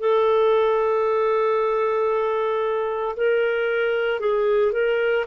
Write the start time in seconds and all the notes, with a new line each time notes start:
0.00 A4
3.16 A#4
4.20 G#4
4.72 A#4